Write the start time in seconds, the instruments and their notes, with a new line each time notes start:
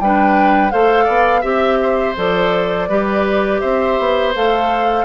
0.00 bassoon G3, clarinet D4, oboe B4, flute G5
0.71 bassoon A3, clarinet A4, oboe C5, flute F5
1.04 bassoon B3, oboe D5
1.41 bassoon C4, clarinet G4, oboe E5, flute E5
1.82 oboe C5
2.16 bassoon F3, clarinet A4, flute D5
2.89 bassoon G3, clarinet G4, oboe B4
3.60 bassoon C4, oboe C5, flute E5
3.99 bassoon B3
4.35 bassoon A3, clarinet A4, flute F5